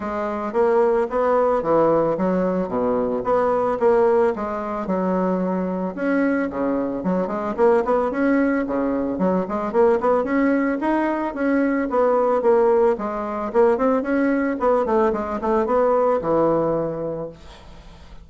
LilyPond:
\new Staff \with { instrumentName = "bassoon" } { \time 4/4 \tempo 4 = 111 gis4 ais4 b4 e4 | fis4 b,4 b4 ais4 | gis4 fis2 cis'4 | cis4 fis8 gis8 ais8 b8 cis'4 |
cis4 fis8 gis8 ais8 b8 cis'4 | dis'4 cis'4 b4 ais4 | gis4 ais8 c'8 cis'4 b8 a8 | gis8 a8 b4 e2 | }